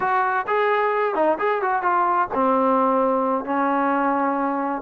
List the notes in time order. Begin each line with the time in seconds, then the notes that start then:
0.00 F#4
0.47 G#4
1.14 D#4
1.38 G#4
1.62 F#4
1.82 F4
2.33 C4
3.44 C#4